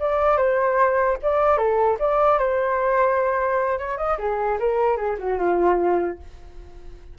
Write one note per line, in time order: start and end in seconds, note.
0.00 0.38 D5
0.38 1.18 C5
1.23 1.58 D5
1.58 1.98 A4
2.00 2.39 D5
2.39 3.79 C5
3.79 3.98 C#5
3.98 4.18 D#5
4.19 4.59 G#4
4.60 4.97 A#4
4.97 5.17 G#4
5.19 5.39 F#4
5.39 6.19 F4